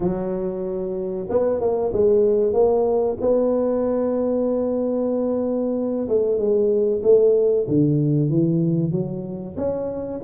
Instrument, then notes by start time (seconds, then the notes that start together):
tuba
0.00 F#3
1.29 B3
1.60 A#3
1.92 G#3
2.53 A#3
3.20 B3
6.08 A3
6.37 G#3
7.02 A3
7.67 D3
8.29 E3
8.91 F#3
9.56 C#4